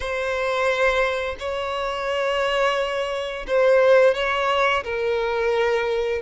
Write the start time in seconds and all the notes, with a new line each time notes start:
0.00 C5
1.39 C#5
3.47 C5
4.14 C#5
4.84 A#4